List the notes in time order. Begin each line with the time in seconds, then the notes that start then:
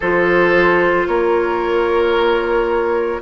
0.00 F3 F4 A4 C5
1.07 A#3 A#4 C#5